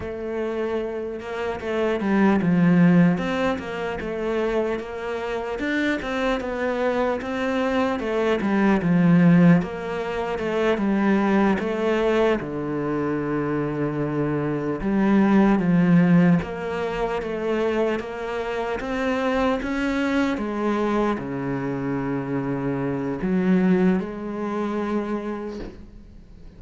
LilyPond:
\new Staff \with { instrumentName = "cello" } { \time 4/4 \tempo 4 = 75 a4. ais8 a8 g8 f4 | c'8 ais8 a4 ais4 d'8 c'8 | b4 c'4 a8 g8 f4 | ais4 a8 g4 a4 d8~ |
d2~ d8 g4 f8~ | f8 ais4 a4 ais4 c'8~ | c'8 cis'4 gis4 cis4.~ | cis4 fis4 gis2 | }